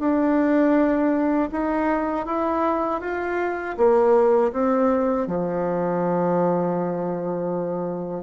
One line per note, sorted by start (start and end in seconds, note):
0.00 1.50 D4
1.52 2.26 D#4
2.26 3.01 E4
3.01 3.76 F4
3.77 4.52 A#3
4.53 5.27 C4
5.27 8.24 F3